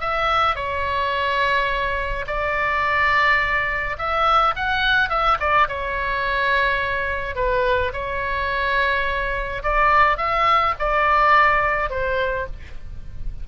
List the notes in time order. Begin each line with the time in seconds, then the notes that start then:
0.00 E5
0.55 C#5
2.26 D5
3.98 E5
4.55 F#5
5.09 E5
5.39 D5
5.68 C#5
7.35 B4
7.92 C#5
9.63 D5
10.17 E5
10.79 D5
11.89 C5